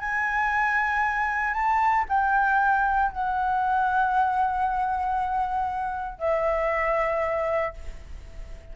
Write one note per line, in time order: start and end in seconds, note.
0.00 1.54 G#5
1.54 2.05 A5
2.09 3.12 G5
3.12 6.19 F#5
6.19 7.74 E5